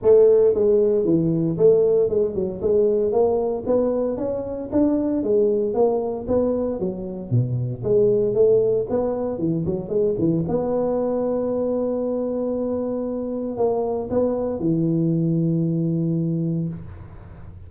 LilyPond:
\new Staff \with { instrumentName = "tuba" } { \time 4/4 \tempo 4 = 115 a4 gis4 e4 a4 | gis8 fis8 gis4 ais4 b4 | cis'4 d'4 gis4 ais4 | b4 fis4 b,4 gis4 |
a4 b4 e8 fis8 gis8 e8 | b1~ | b2 ais4 b4 | e1 | }